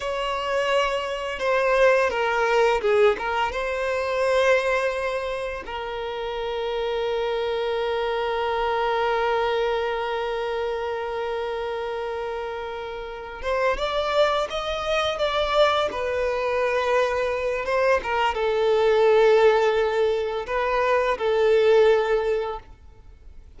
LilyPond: \new Staff \with { instrumentName = "violin" } { \time 4/4 \tempo 4 = 85 cis''2 c''4 ais'4 | gis'8 ais'8 c''2. | ais'1~ | ais'1~ |
ais'2. c''8 d''8~ | d''8 dis''4 d''4 b'4.~ | b'4 c''8 ais'8 a'2~ | a'4 b'4 a'2 | }